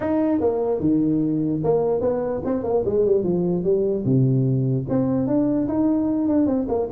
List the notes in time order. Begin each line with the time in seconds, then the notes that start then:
0.00 D#4
0.40 A#3
0.80 D#3
1.63 A#3
2.00 B3
2.45 C4
2.63 A#3
2.85 G#3
3.05 G3
3.23 F3
3.63 G3
4.04 C3
4.89 C4
5.27 D4
5.68 D#4
6.27 D4
6.46 C4
6.68 A#3